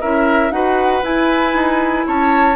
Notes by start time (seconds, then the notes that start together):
0.00 C#4 E4 A#4 E5
0.50 D#4 F#4 B4 F#5
1.02 E4 G#5
1.53 D#4
2.06 C#4 C#5 A5